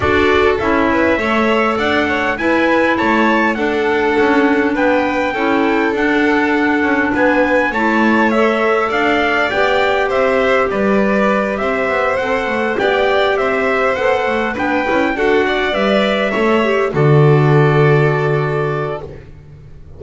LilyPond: <<
  \new Staff \with { instrumentName = "trumpet" } { \time 4/4 \tempo 4 = 101 d''4 e''2 fis''4 | gis''4 a''4 fis''2 | g''2 fis''2 | gis''4 a''4 e''4 f''4 |
g''4 e''4 d''4. e''8~ | e''8 fis''4 g''4 e''4 fis''8~ | fis''8 g''4 fis''4 e''4.~ | e''8 d''2.~ d''8 | }
  \new Staff \with { instrumentName = "violin" } { \time 4/4 a'4. b'8 cis''4 d''8 cis''8 | b'4 cis''4 a'2 | b'4 a'2. | b'4 cis''2 d''4~ |
d''4 c''4 b'4. c''8~ | c''4. d''4 c''4.~ | c''8 b'4 a'8 d''4. cis''8~ | cis''8 a'2.~ a'8 | }
  \new Staff \with { instrumentName = "clarinet" } { \time 4/4 fis'4 e'4 a'2 | e'2 d'2~ | d'4 e'4 d'2~ | d'4 e'4 a'2 |
g'1~ | g'8 a'4 g'2 a'8~ | a'8 d'8 e'8 fis'4 b'4 a'8 | g'8 fis'2.~ fis'8 | }
  \new Staff \with { instrumentName = "double bass" } { \time 4/4 d'4 cis'4 a4 d'4 | e'4 a4 d'4 cis'4 | b4 cis'4 d'4. cis'8 | b4 a2 d'4 |
b4 c'4 g4. c'8 | b8 c'8 a8 b4 c'4 b8 | a8 b8 cis'8 d'4 g4 a8~ | a8 d2.~ d8 | }
>>